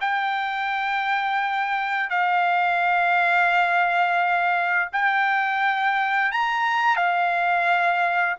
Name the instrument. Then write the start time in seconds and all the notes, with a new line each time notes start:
trumpet
0.00 G5
2.10 F5
4.92 G5
6.31 A#5
6.96 F5